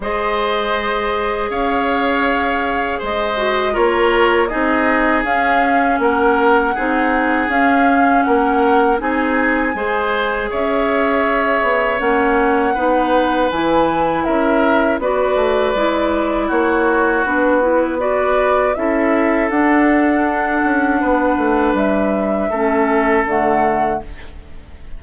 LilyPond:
<<
  \new Staff \with { instrumentName = "flute" } { \time 4/4 \tempo 4 = 80 dis''2 f''2 | dis''4 cis''4 dis''4 f''4 | fis''2 f''4 fis''4 | gis''2 e''2 |
fis''2 gis''4 e''4 | d''2 cis''4 b'4 | d''4 e''4 fis''2~ | fis''4 e''2 fis''4 | }
  \new Staff \with { instrumentName = "oboe" } { \time 4/4 c''2 cis''2 | c''4 ais'4 gis'2 | ais'4 gis'2 ais'4 | gis'4 c''4 cis''2~ |
cis''4 b'2 ais'4 | b'2 fis'2 | b'4 a'2. | b'2 a'2 | }
  \new Staff \with { instrumentName = "clarinet" } { \time 4/4 gis'1~ | gis'8 fis'8 f'4 dis'4 cis'4~ | cis'4 dis'4 cis'2 | dis'4 gis'2. |
cis'4 dis'4 e'2 | fis'4 e'2 d'8 e'8 | fis'4 e'4 d'2~ | d'2 cis'4 a4 | }
  \new Staff \with { instrumentName = "bassoon" } { \time 4/4 gis2 cis'2 | gis4 ais4 c'4 cis'4 | ais4 c'4 cis'4 ais4 | c'4 gis4 cis'4. b8 |
ais4 b4 e4 cis'4 | b8 a8 gis4 ais4 b4~ | b4 cis'4 d'4. cis'8 | b8 a8 g4 a4 d4 | }
>>